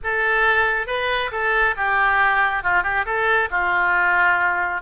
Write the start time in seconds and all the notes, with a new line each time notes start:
0.03 A4
0.87 B4
1.31 A4
1.76 G4
2.63 F4
2.83 G4
3.05 A4
3.50 F4